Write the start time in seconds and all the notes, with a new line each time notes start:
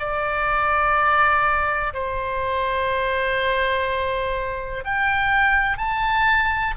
0.00 D5
1.94 C5
4.85 G5
5.78 A5